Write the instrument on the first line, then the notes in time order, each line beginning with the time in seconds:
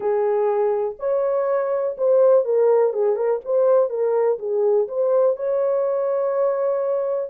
horn
0.00 G#4
0.99 C#5
1.97 C5
2.45 A#4
2.93 G#4
3.16 A#4
3.45 C5
3.89 A#4
4.38 G#4
4.88 C5
5.36 C#5